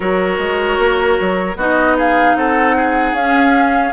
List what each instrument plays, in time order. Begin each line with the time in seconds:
0.00 bassoon F#3, clarinet F#4, oboe A#4, flute C#5
0.38 bassoon G#3
0.78 bassoon A#3
1.21 bassoon F#3
1.56 bassoon B3, clarinet D#4, oboe F#4, flute D#5
1.97 oboe G#4, flute F5
2.35 bassoon C4, oboe A4, flute F#5
2.76 oboe G#4
3.12 bassoon C#4, clarinet C#4, flute F5